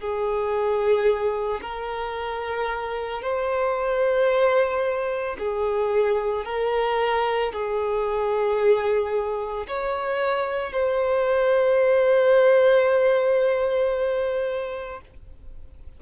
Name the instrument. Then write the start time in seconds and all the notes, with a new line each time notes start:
violin
0.00 G#4
1.62 A#4
3.22 C5
5.39 G#4
6.45 A#4
7.52 G#4
9.68 C#5
10.72 C5